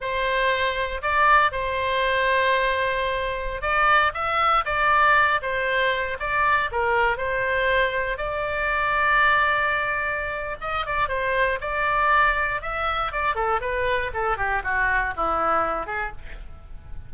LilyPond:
\new Staff \with { instrumentName = "oboe" } { \time 4/4 \tempo 4 = 119 c''2 d''4 c''4~ | c''2.~ c''16 d''8.~ | d''16 e''4 d''4. c''4~ c''16~ | c''16 d''4 ais'4 c''4.~ c''16~ |
c''16 d''2.~ d''8.~ | d''4 dis''8 d''8 c''4 d''4~ | d''4 e''4 d''8 a'8 b'4 | a'8 g'8 fis'4 e'4. gis'8 | }